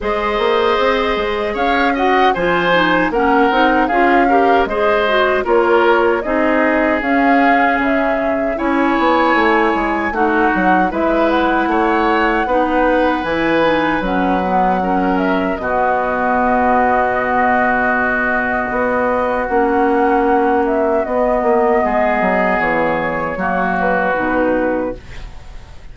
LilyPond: <<
  \new Staff \with { instrumentName = "flute" } { \time 4/4 \tempo 4 = 77 dis''2 f''8 fis''8 gis''4 | fis''4 f''4 dis''4 cis''4 | dis''4 f''4 e''4 gis''4~ | gis''4 fis''4 e''8 fis''4.~ |
fis''4 gis''4 fis''4. e''8 | dis''1~ | dis''4 fis''4. e''8 dis''4~ | dis''4 cis''4. b'4. | }
  \new Staff \with { instrumentName = "oboe" } { \time 4/4 c''2 cis''8 dis''8 c''4 | ais'4 gis'8 ais'8 c''4 ais'4 | gis'2. cis''4~ | cis''4 fis'4 b'4 cis''4 |
b'2. ais'4 | fis'1~ | fis'1 | gis'2 fis'2 | }
  \new Staff \with { instrumentName = "clarinet" } { \time 4/4 gis'2~ gis'8 fis'8 f'8 dis'8 | cis'8 dis'8 f'8 g'8 gis'8 fis'8 f'4 | dis'4 cis'2 e'4~ | e'4 dis'4 e'2 |
dis'4 e'8 dis'8 cis'8 b8 cis'4 | b1~ | b4 cis'2 b4~ | b2 ais4 dis'4 | }
  \new Staff \with { instrumentName = "bassoon" } { \time 4/4 gis8 ais8 c'8 gis8 cis'4 f4 | ais8 c'8 cis'4 gis4 ais4 | c'4 cis'4 cis4 cis'8 b8 | a8 gis8 a8 fis8 gis4 a4 |
b4 e4 fis2 | b,1 | b4 ais2 b8 ais8 | gis8 fis8 e4 fis4 b,4 | }
>>